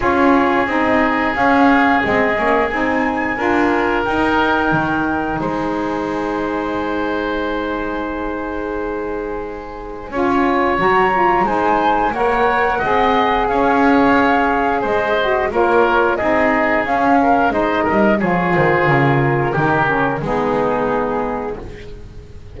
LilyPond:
<<
  \new Staff \with { instrumentName = "flute" } { \time 4/4 \tempo 4 = 89 cis''4 dis''4 f''4 dis''4 | gis''2 g''2 | gis''1~ | gis''1 |
ais''4 gis''4 fis''2 | f''2 dis''4 cis''4 | dis''4 f''4 dis''4 cis''8 c''8 | ais'2 gis'2 | }
  \new Staff \with { instrumentName = "oboe" } { \time 4/4 gis'1~ | gis'4 ais'2. | c''1~ | c''2. cis''4~ |
cis''4 c''4 cis''4 dis''4 | cis''2 c''4 ais'4 | gis'4. ais'8 c''8 ais'8 gis'4~ | gis'4 g'4 dis'2 | }
  \new Staff \with { instrumentName = "saxophone" } { \time 4/4 f'4 dis'4 cis'4 c'8 cis'8 | dis'4 f'4 dis'2~ | dis'1~ | dis'2. f'4 |
fis'8 f'8 dis'4 ais'4 gis'4~ | gis'2~ gis'8 fis'8 f'4 | dis'4 cis'4 dis'4 f'4~ | f'4 dis'8 cis'8 b2 | }
  \new Staff \with { instrumentName = "double bass" } { \time 4/4 cis'4 c'4 cis'4 gis8 ais8 | c'4 d'4 dis'4 dis4 | gis1~ | gis2. cis'4 |
fis4 gis4 ais4 c'4 | cis'2 gis4 ais4 | c'4 cis'4 gis8 g8 f8 dis8 | cis4 dis4 gis2 | }
>>